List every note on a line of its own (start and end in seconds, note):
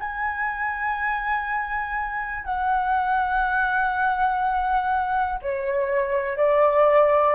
0.00 2.44 G#5
2.44 5.39 F#5
5.42 6.37 C#5
6.37 7.35 D5